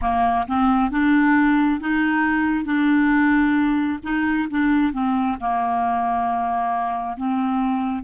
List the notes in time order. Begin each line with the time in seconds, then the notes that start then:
0.01 A#3
0.47 C4
0.90 D4
1.80 D#4
2.65 D4
4.03 D#4
4.50 D4
4.93 C4
5.40 A#3
7.16 C4